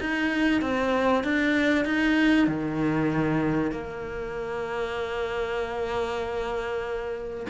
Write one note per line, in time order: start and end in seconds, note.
0.00 0.61 D#4
0.61 1.24 C4
1.24 1.84 D4
1.84 2.47 D#4
2.47 3.71 D#3
3.71 7.46 A#3